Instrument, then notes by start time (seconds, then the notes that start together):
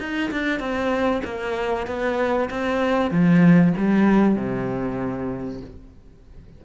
cello
0.00 D#4
0.32 D4
0.60 C4
1.25 A#3
1.87 B3
2.51 C4
3.11 F3
3.78 G3
4.36 C3